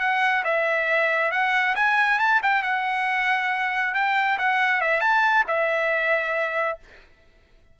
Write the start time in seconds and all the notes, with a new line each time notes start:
0.00 F#5
0.45 E5
1.31 F#5
1.75 G#5
2.19 A5
2.43 G5
2.63 F#5
3.94 G5
4.38 F#5
4.81 E5
5.01 A5
5.48 E5